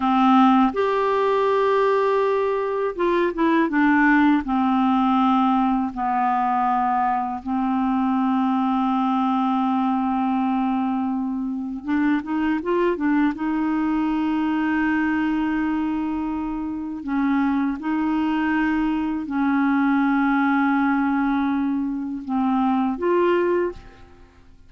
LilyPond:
\new Staff \with { instrumentName = "clarinet" } { \time 4/4 \tempo 4 = 81 c'4 g'2. | f'8 e'8 d'4 c'2 | b2 c'2~ | c'1 |
d'8 dis'8 f'8 d'8 dis'2~ | dis'2. cis'4 | dis'2 cis'2~ | cis'2 c'4 f'4 | }